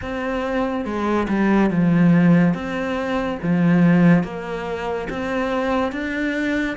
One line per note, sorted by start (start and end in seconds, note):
0.01 0.85 C4
0.85 1.27 G#3
1.28 1.70 G3
1.70 2.54 F3
2.54 3.38 C4
3.42 4.23 F3
4.23 5.07 A#3
5.09 5.92 C4
5.92 6.76 D4